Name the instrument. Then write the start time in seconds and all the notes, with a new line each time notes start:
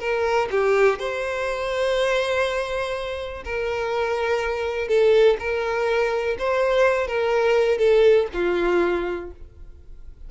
violin
0.00 A#4
0.51 G4
0.99 C5
3.45 A#4
4.88 A4
5.39 A#4
6.39 C5
7.08 A#4
7.79 A4
8.33 F4